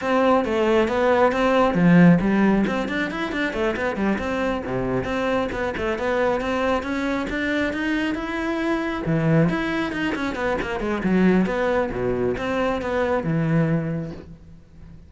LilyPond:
\new Staff \with { instrumentName = "cello" } { \time 4/4 \tempo 4 = 136 c'4 a4 b4 c'4 | f4 g4 c'8 d'8 e'8 d'8 | a8 b8 g8 c'4 c4 c'8~ | c'8 b8 a8 b4 c'4 cis'8~ |
cis'8 d'4 dis'4 e'4.~ | e'8 e4 e'4 dis'8 cis'8 b8 | ais8 gis8 fis4 b4 b,4 | c'4 b4 e2 | }